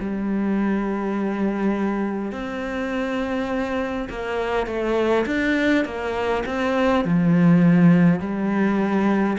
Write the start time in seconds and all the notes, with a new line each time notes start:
0.00 G3
2.32 C4
4.10 A#3
4.66 A3
5.26 D4
5.85 A#3
6.46 C4
7.05 F3
8.20 G3